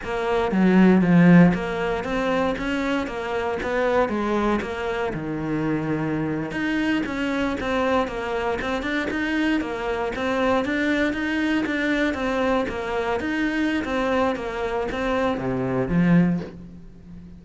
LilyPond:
\new Staff \with { instrumentName = "cello" } { \time 4/4 \tempo 4 = 117 ais4 fis4 f4 ais4 | c'4 cis'4 ais4 b4 | gis4 ais4 dis2~ | dis8. dis'4 cis'4 c'4 ais16~ |
ais8. c'8 d'8 dis'4 ais4 c'16~ | c'8. d'4 dis'4 d'4 c'16~ | c'8. ais4 dis'4~ dis'16 c'4 | ais4 c'4 c4 f4 | }